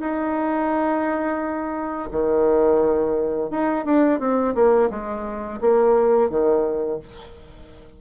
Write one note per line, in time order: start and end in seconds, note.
0.00 2.09 D#4
2.12 3.50 D#3
3.50 3.85 D#4
3.85 4.20 D4
4.20 4.55 C4
4.55 4.90 A#3
4.90 5.60 G#3
5.61 6.30 A#3
6.30 7.00 D#3